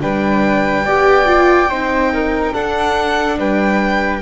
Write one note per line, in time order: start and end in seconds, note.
0.00 0.84 G3
0.00 0.85 D4
0.00 0.85 B4
0.00 2.54 G5
0.84 1.68 B3
0.84 1.25 G4
0.84 1.69 D5
1.25 1.67 F4
1.68 2.52 C4
1.68 2.53 D#4
1.68 2.11 C5
2.13 2.53 A#4
2.53 4.21 D4
2.53 3.37 D4
2.53 3.37 A4
2.53 3.38 F#5
3.37 4.21 G3
3.37 4.21 B4
3.37 4.21 G5